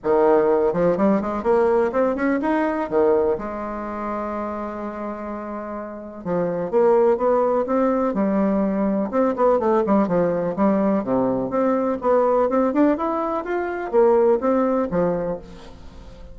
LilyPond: \new Staff \with { instrumentName = "bassoon" } { \time 4/4 \tempo 4 = 125 dis4. f8 g8 gis8 ais4 | c'8 cis'8 dis'4 dis4 gis4~ | gis1~ | gis4 f4 ais4 b4 |
c'4 g2 c'8 b8 | a8 g8 f4 g4 c4 | c'4 b4 c'8 d'8 e'4 | f'4 ais4 c'4 f4 | }